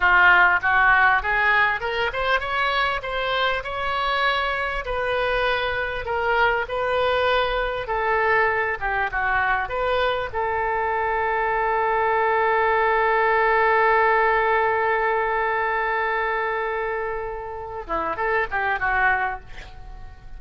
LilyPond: \new Staff \with { instrumentName = "oboe" } { \time 4/4 \tempo 4 = 99 f'4 fis'4 gis'4 ais'8 c''8 | cis''4 c''4 cis''2 | b'2 ais'4 b'4~ | b'4 a'4. g'8 fis'4 |
b'4 a'2.~ | a'1~ | a'1~ | a'4. e'8 a'8 g'8 fis'4 | }